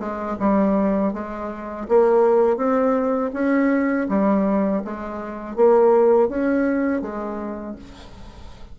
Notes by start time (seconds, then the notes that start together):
0.00 G#3
0.40 G3
1.13 G#3
1.89 A#3
2.57 C4
3.34 C#4
4.09 G3
4.85 G#3
5.56 A#3
6.29 C#4
7.02 G#3